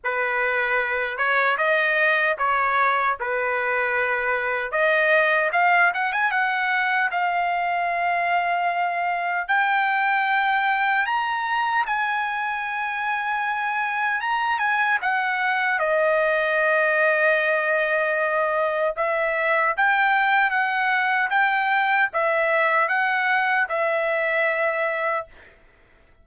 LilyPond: \new Staff \with { instrumentName = "trumpet" } { \time 4/4 \tempo 4 = 76 b'4. cis''8 dis''4 cis''4 | b'2 dis''4 f''8 fis''16 gis''16 | fis''4 f''2. | g''2 ais''4 gis''4~ |
gis''2 ais''8 gis''8 fis''4 | dis''1 | e''4 g''4 fis''4 g''4 | e''4 fis''4 e''2 | }